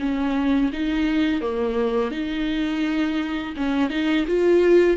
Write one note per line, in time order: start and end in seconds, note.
0.00 0.71 C#4
0.73 1.41 D#4
1.41 2.11 A#3
2.11 3.54 D#4
3.57 3.90 C#4
3.90 4.26 D#4
4.28 4.97 F4